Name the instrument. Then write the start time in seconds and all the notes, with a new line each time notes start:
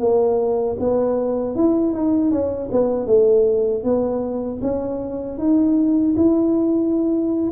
tuba
0.00 A#3
0.80 B3
1.56 E4
1.93 D#4
2.32 C#4
2.72 B3
3.07 A3
3.84 B3
4.62 C#4
5.38 D#4
6.17 E4